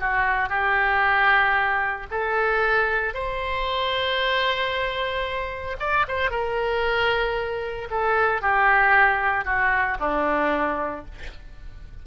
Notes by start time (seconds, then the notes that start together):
0.00 F#4
0.50 G4
2.11 A4
3.14 C5
5.80 D5
6.08 C5
6.31 A#4
7.91 A4
8.42 G4
9.45 F#4
10.00 D4